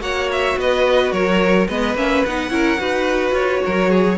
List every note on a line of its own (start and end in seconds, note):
0.00 0.56 A#3
0.00 1.67 F#4
0.00 0.58 C#5
0.00 0.30 F#5
0.32 0.59 E5
0.56 1.12 B3
0.56 1.13 B4
0.56 1.12 D#5
1.12 1.68 F#3
1.12 1.68 A#4
1.12 1.67 C#5
1.68 1.95 G#3
1.68 1.96 B3
1.68 2.51 B4
1.68 1.96 D#5
1.95 2.22 A#3
1.95 2.24 C#4
1.95 2.25 E5
2.25 2.50 B3
2.25 2.50 D#4
2.25 3.35 F#5
2.50 2.78 C#4
2.50 2.77 E4
2.50 2.79 A#4
2.77 3.31 D#4
2.77 4.16 F#4
2.77 3.63 B4
3.31 3.59 F4
3.31 4.18 C#5
3.65 4.18 F#3
3.65 3.90 A#4
3.90 4.18 G#4